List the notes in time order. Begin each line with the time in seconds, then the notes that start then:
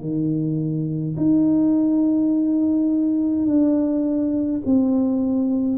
0.00 D#3
1.16 D#4
3.45 D4
4.65 C4